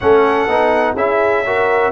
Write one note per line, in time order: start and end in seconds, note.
0.00 0.47 A3
0.00 0.49 C#4
0.00 0.96 A4
0.00 0.94 F#5
0.47 0.95 B3
0.47 0.97 D#4
0.95 1.92 C#4
0.95 1.45 E4
0.95 1.44 G#4
0.95 1.92 E5
1.46 1.92 F#4
1.46 1.92 A#4